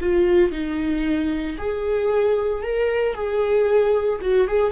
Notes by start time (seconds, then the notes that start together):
0.00 F4
0.51 D#4
1.57 G#4
2.62 A#4
3.14 G#4
4.21 F#4
4.47 G#4